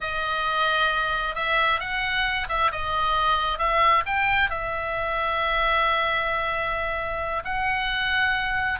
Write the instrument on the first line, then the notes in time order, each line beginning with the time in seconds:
oboe
0.00 D#5
1.35 E5
1.79 F#5
2.48 E5
2.71 D#5
3.58 E5
4.06 G5
4.50 E5
7.44 F#5